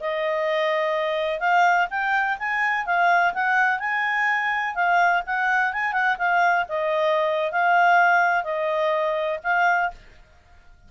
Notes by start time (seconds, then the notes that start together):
0.00 D#5
1.40 F5
1.90 G5
2.39 G#5
2.85 F5
3.34 F#5
3.79 G#5
4.75 F5
5.26 F#5
5.73 G#5
5.92 F#5
6.18 F5
6.68 D#5
7.52 F5
8.44 D#5
9.43 F5